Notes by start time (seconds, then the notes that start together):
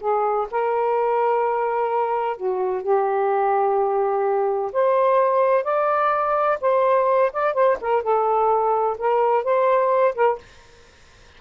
0.00 G#4
0.51 A#4
2.37 F#4
2.82 G4
4.72 C5
5.63 D5
6.61 C5
7.32 D5
7.54 C5
7.81 A#4
8.02 A4
8.98 A#4
9.44 C5
10.15 A#4